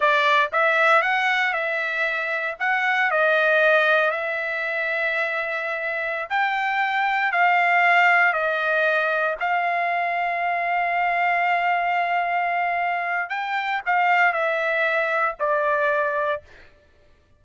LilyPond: \new Staff \with { instrumentName = "trumpet" } { \time 4/4 \tempo 4 = 117 d''4 e''4 fis''4 e''4~ | e''4 fis''4 dis''2 | e''1~ | e''16 g''2 f''4.~ f''16~ |
f''16 dis''2 f''4.~ f''16~ | f''1~ | f''2 g''4 f''4 | e''2 d''2 | }